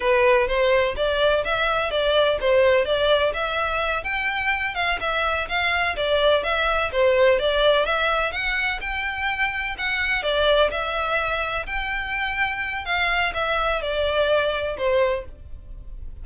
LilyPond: \new Staff \with { instrumentName = "violin" } { \time 4/4 \tempo 4 = 126 b'4 c''4 d''4 e''4 | d''4 c''4 d''4 e''4~ | e''8 g''4. f''8 e''4 f''8~ | f''8 d''4 e''4 c''4 d''8~ |
d''8 e''4 fis''4 g''4.~ | g''8 fis''4 d''4 e''4.~ | e''8 g''2~ g''8 f''4 | e''4 d''2 c''4 | }